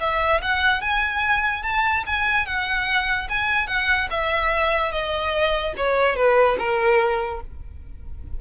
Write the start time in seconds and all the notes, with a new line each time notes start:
0.00 E5
0.41 F#5
0.81 G#5
1.63 A5
2.06 G#5
2.46 F#5
3.29 G#5
3.67 F#5
4.10 E5
4.91 D#5
5.76 C#5
6.16 B4
6.59 A#4